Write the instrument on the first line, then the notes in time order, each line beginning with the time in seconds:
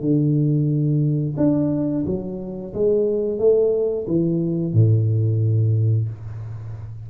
tuba
0.00 D3
1.37 D4
2.06 F#3
2.73 G#3
3.38 A3
4.07 E3
4.73 A2